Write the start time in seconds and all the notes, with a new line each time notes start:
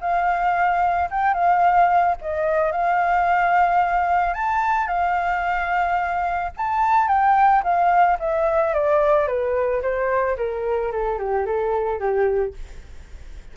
0.00 F5
1.10 G5
1.34 F5
2.21 D#5
2.71 F5
4.33 A5
4.87 F5
6.57 A5
7.07 G5
7.63 F5
8.19 E5
8.73 D5
9.27 B4
9.82 C5
10.37 A#4
10.92 A4
11.18 G4
11.45 A4
11.99 G4